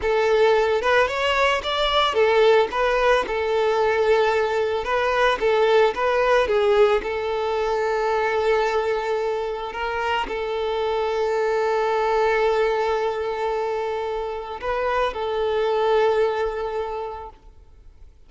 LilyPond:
\new Staff \with { instrumentName = "violin" } { \time 4/4 \tempo 4 = 111 a'4. b'8 cis''4 d''4 | a'4 b'4 a'2~ | a'4 b'4 a'4 b'4 | gis'4 a'2.~ |
a'2 ais'4 a'4~ | a'1~ | a'2. b'4 | a'1 | }